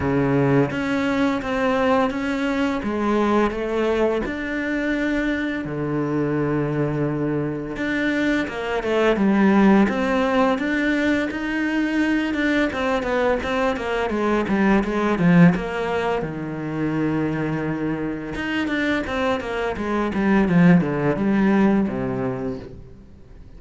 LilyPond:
\new Staff \with { instrumentName = "cello" } { \time 4/4 \tempo 4 = 85 cis4 cis'4 c'4 cis'4 | gis4 a4 d'2 | d2. d'4 | ais8 a8 g4 c'4 d'4 |
dis'4. d'8 c'8 b8 c'8 ais8 | gis8 g8 gis8 f8 ais4 dis4~ | dis2 dis'8 d'8 c'8 ais8 | gis8 g8 f8 d8 g4 c4 | }